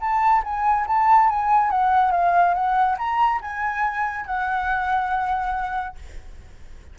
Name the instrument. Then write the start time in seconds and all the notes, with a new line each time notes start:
flute
0.00 A5
0.43 G#5
0.87 A5
1.29 G#5
1.70 F#5
2.11 F5
2.54 F#5
2.98 A#5
3.41 G#5
4.25 F#5